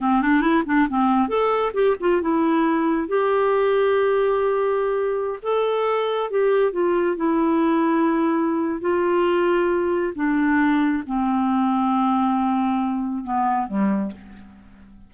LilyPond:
\new Staff \with { instrumentName = "clarinet" } { \time 4/4 \tempo 4 = 136 c'8 d'8 e'8 d'8 c'4 a'4 | g'8 f'8 e'2 g'4~ | g'1~ | g'16 a'2 g'4 f'8.~ |
f'16 e'2.~ e'8. | f'2. d'4~ | d'4 c'2.~ | c'2 b4 g4 | }